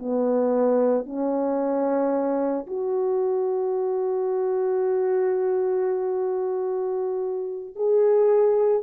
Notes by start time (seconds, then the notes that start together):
0.00 B3
1.06 C#4
2.67 F#4
7.76 G#4